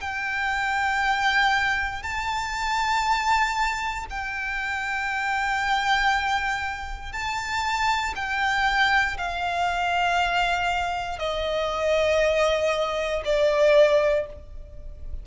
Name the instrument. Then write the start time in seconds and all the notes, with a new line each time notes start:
violin
0.00 G5
2.02 A5
4.10 G5
7.12 A5
8.15 G5
9.17 F5
11.19 D#5
13.24 D5